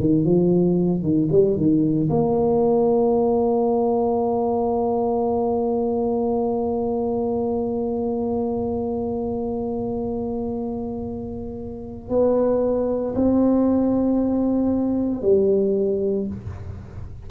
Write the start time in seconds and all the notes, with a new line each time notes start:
0.00 D#3
0.24 F3
1.03 D#3
1.32 G3
1.57 D#3
2.10 A#3
12.10 B3
13.16 C4
15.22 G3